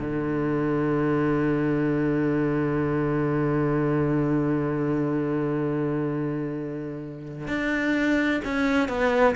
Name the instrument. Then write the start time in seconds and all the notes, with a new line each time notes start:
cello
0.00 D3
7.47 D4
8.44 C#4
8.88 B3